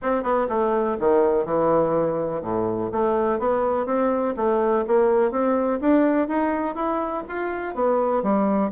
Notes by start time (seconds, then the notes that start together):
0.01 C4
0.23 B3
0.49 A3
0.99 D#3
1.45 E3
2.41 A2
2.92 A3
3.39 B3
3.86 C4
4.36 A3
4.87 A#3
5.31 C4
5.80 D4
6.27 D#4
6.75 E4
7.28 F4
7.74 B3
8.23 G3